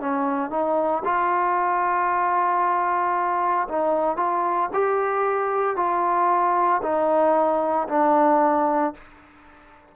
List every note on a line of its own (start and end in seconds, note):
0.00 0.50 C#4
0.50 1.03 D#4
1.05 3.68 F4
3.68 4.17 D#4
4.17 4.69 F4
4.73 5.76 G4
5.76 6.81 F4
6.82 7.88 D#4
7.89 8.94 D4